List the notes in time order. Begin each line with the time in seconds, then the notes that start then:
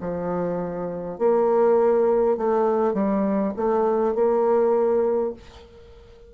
0.00 F3
1.18 A#3
2.37 A3
2.94 G3
3.56 A3
4.14 A#3